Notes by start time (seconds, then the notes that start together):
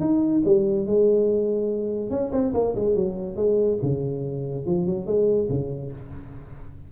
0.00 D#4
0.45 G3
0.86 G#3
2.10 C#4
2.32 C4
2.54 A#3
2.75 G#3
2.95 F#3
3.36 G#3
3.82 C#3
4.66 F3
4.86 F#3
5.06 G#3
5.49 C#3